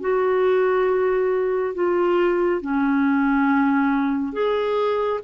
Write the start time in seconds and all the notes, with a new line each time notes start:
0.00 F#4
1.74 F4
2.61 C#4
4.33 G#4